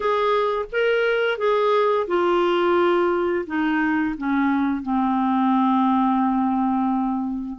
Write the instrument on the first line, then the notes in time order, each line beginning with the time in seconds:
clarinet
0.00 G#4
0.71 A#4
1.38 G#4
2.07 F4
3.46 D#4
4.17 C#4
4.82 C4